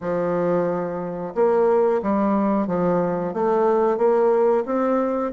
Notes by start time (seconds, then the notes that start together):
0.00 F3
1.34 A#3
2.02 G3
2.67 F3
3.33 A3
3.97 A#3
4.65 C4